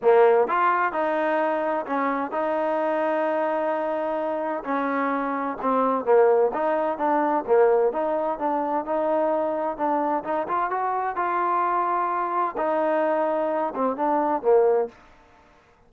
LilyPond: \new Staff \with { instrumentName = "trombone" } { \time 4/4 \tempo 4 = 129 ais4 f'4 dis'2 | cis'4 dis'2.~ | dis'2 cis'2 | c'4 ais4 dis'4 d'4 |
ais4 dis'4 d'4 dis'4~ | dis'4 d'4 dis'8 f'8 fis'4 | f'2. dis'4~ | dis'4. c'8 d'4 ais4 | }